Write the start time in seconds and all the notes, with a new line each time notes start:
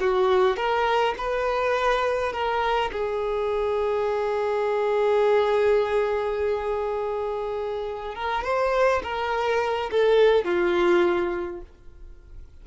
0.00 F#4
0.56 A#4
1.18 B4
2.32 A#4
2.92 G#4
8.15 A#4
8.44 C5
9.03 A#4
9.91 A4
10.44 F4